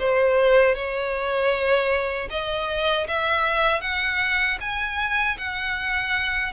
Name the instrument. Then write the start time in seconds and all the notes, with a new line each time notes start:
violin
0.00 C5
0.75 C#5
2.30 D#5
3.08 E5
3.81 F#5
4.61 G#5
5.38 F#5